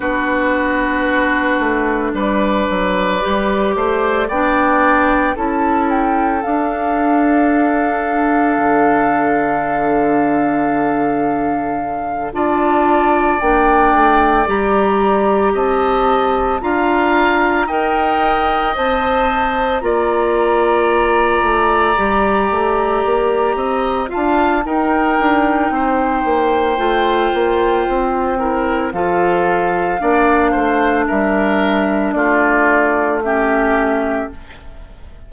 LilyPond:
<<
  \new Staff \with { instrumentName = "flute" } { \time 4/4 \tempo 4 = 56 b'2 d''2 | g''4 a''8 g''8 f''2~ | f''2.~ f''8 a''8~ | a''8 g''4 ais''4 a''4 ais''8~ |
ais''8 g''4 a''4 ais''4.~ | ais''2~ ais''8 a''8 g''4~ | g''2. f''4~ | f''4 e''4 d''4 e''4 | }
  \new Staff \with { instrumentName = "oboe" } { \time 4/4 fis'2 b'4. c''8 | d''4 a'2.~ | a'2.~ a'8 d''8~ | d''2~ d''8 dis''4 f''8~ |
f''8 dis''2 d''4.~ | d''2 dis''8 f''8 ais'4 | c''2~ c''8 ais'8 a'4 | d''8 c''8 ais'4 f'4 g'4 | }
  \new Staff \with { instrumentName = "clarinet" } { \time 4/4 d'2. g'4 | d'4 e'4 d'2~ | d'2.~ d'8 f'8~ | f'8 d'4 g'2 f'8~ |
f'8 ais'4 c''4 f'4.~ | f'8 g'2 f'8 dis'4~ | dis'4 f'4. e'8 f'4 | d'2. cis'4 | }
  \new Staff \with { instrumentName = "bassoon" } { \time 4/4 b4. a8 g8 fis8 g8 a8 | b4 cis'4 d'2 | d2.~ d8 d'8~ | d'8 ais8 a8 g4 c'4 d'8~ |
d'8 dis'4 c'4 ais4. | a8 g8 a8 ais8 c'8 d'8 dis'8 d'8 | c'8 ais8 a8 ais8 c'4 f4 | ais8 a8 g4 a2 | }
>>